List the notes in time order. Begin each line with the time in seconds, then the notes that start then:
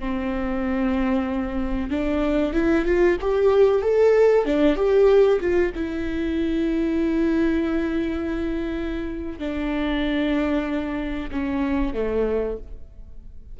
0.00 C4
1.90 D4
2.53 E4
2.85 F4
3.21 G4
3.82 A4
4.45 D4
4.76 G4
5.41 F4
5.75 E4
9.39 D4
11.32 C#4
11.94 A3